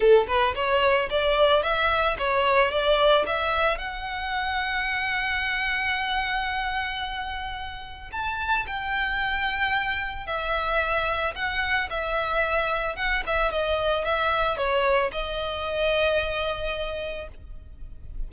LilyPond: \new Staff \with { instrumentName = "violin" } { \time 4/4 \tempo 4 = 111 a'8 b'8 cis''4 d''4 e''4 | cis''4 d''4 e''4 fis''4~ | fis''1~ | fis''2. a''4 |
g''2. e''4~ | e''4 fis''4 e''2 | fis''8 e''8 dis''4 e''4 cis''4 | dis''1 | }